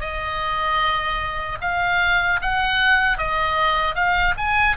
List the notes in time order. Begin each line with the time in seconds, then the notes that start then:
0.00 D#5
1.61 F5
2.41 F#5
3.17 D#5
3.94 F5
4.37 G#5